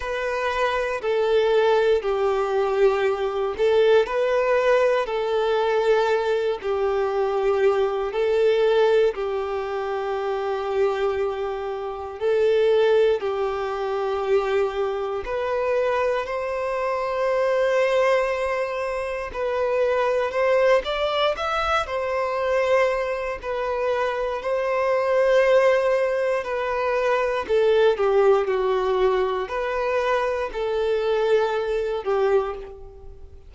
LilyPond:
\new Staff \with { instrumentName = "violin" } { \time 4/4 \tempo 4 = 59 b'4 a'4 g'4. a'8 | b'4 a'4. g'4. | a'4 g'2. | a'4 g'2 b'4 |
c''2. b'4 | c''8 d''8 e''8 c''4. b'4 | c''2 b'4 a'8 g'8 | fis'4 b'4 a'4. g'8 | }